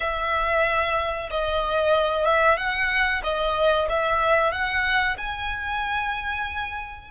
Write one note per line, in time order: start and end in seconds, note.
0.00 1.29 E5
1.30 2.25 D#5
2.25 2.57 E5
2.57 3.21 F#5
3.23 3.88 D#5
3.89 4.52 E5
4.52 5.16 F#5
5.17 7.11 G#5